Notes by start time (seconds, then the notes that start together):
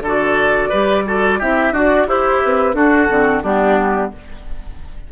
0.00 D3 A4 D5
0.07 F#4
0.69 G3 G4 B4
1.06 F#4 A4
1.39 C4 E4 G4 E5
1.72 D4 F#4 D5
2.07 E4 G4 C5
2.44 C4 B4
2.74 D4 F#4 A4
3.09 D3 C4
3.43 G3 B3 D4 G4